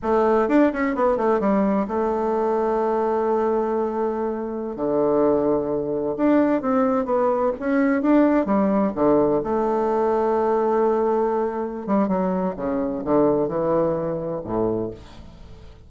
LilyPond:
\new Staff \with { instrumentName = "bassoon" } { \time 4/4 \tempo 4 = 129 a4 d'8 cis'8 b8 a8 g4 | a1~ | a2~ a16 d4.~ d16~ | d4~ d16 d'4 c'4 b8.~ |
b16 cis'4 d'4 g4 d8.~ | d16 a2.~ a8.~ | a4. g8 fis4 cis4 | d4 e2 a,4 | }